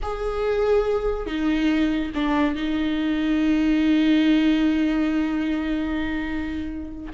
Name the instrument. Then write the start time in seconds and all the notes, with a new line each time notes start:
viola
0.02 G#4
1.26 D#4
2.15 D4
2.55 D#4